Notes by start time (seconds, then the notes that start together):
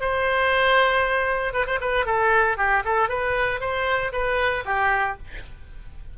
0.00 C5
1.53 B4
1.66 C5
1.81 B4
2.05 A4
2.57 G4
2.84 A4
3.08 B4
3.60 C5
4.12 B4
4.65 G4